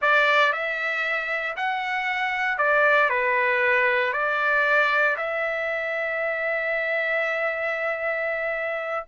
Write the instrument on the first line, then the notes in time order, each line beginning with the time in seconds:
trumpet
0.01 D5
0.52 E5
1.56 F#5
2.58 D5
3.09 B4
4.12 D5
5.17 E5